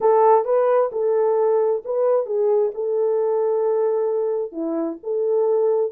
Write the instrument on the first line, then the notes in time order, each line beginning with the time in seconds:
horn
0.00 A4
0.44 B4
0.92 A4
1.84 B4
2.26 G#4
2.74 A4
4.52 E4
5.03 A4